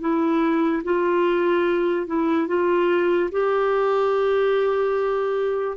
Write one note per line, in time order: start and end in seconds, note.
0.00 0.82 E4
0.83 2.06 F4
2.06 2.47 E4
2.47 3.30 F4
3.31 5.77 G4